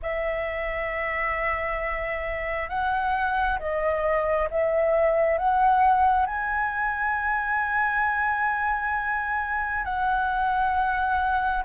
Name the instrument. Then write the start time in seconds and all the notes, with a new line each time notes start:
flute
0.02 E5
2.69 F#5
3.59 D#5
4.50 E5
5.37 F#5
6.26 G#5
9.84 F#5